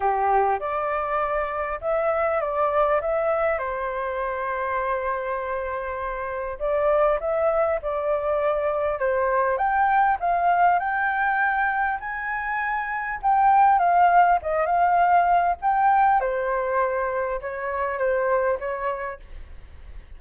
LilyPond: \new Staff \with { instrumentName = "flute" } { \time 4/4 \tempo 4 = 100 g'4 d''2 e''4 | d''4 e''4 c''2~ | c''2. d''4 | e''4 d''2 c''4 |
g''4 f''4 g''2 | gis''2 g''4 f''4 | dis''8 f''4. g''4 c''4~ | c''4 cis''4 c''4 cis''4 | }